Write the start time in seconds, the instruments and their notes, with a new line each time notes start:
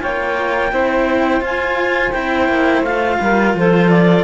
0.00 cello A#3 F4, saxophone C#5, clarinet G5
0.71 cello C4 E4, saxophone C5
1.41 cello F4, clarinet G#5
2.12 cello C4 E4, clarinet G5
2.48 cello A#3
2.82 cello A3 F4, clarinet F5
3.21 cello G3, saxophone A#4
3.54 cello F3, saxophone A4, clarinet C5
3.89 clarinet D5